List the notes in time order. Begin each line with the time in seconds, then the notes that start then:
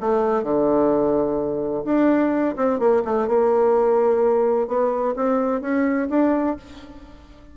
0.00 A3
0.43 D3
1.85 D4
2.56 C4
2.79 A#3
3.04 A3
3.27 A#3
4.67 B3
5.16 C4
5.61 C#4
6.09 D4